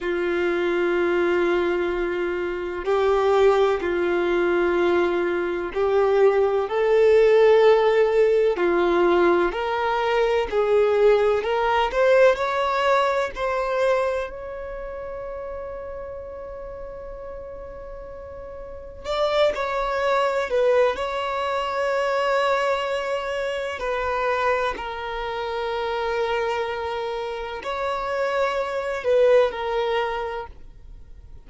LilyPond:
\new Staff \with { instrumentName = "violin" } { \time 4/4 \tempo 4 = 63 f'2. g'4 | f'2 g'4 a'4~ | a'4 f'4 ais'4 gis'4 | ais'8 c''8 cis''4 c''4 cis''4~ |
cis''1 | d''8 cis''4 b'8 cis''2~ | cis''4 b'4 ais'2~ | ais'4 cis''4. b'8 ais'4 | }